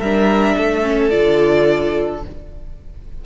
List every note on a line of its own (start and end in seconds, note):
0.00 0.56 G3
0.00 0.83 D4
0.00 0.56 A#4
0.00 1.10 E5
0.57 1.12 A3
0.57 2.24 A4
0.83 1.10 C#4
1.10 2.25 D3
1.10 2.21 F4
1.10 2.21 D5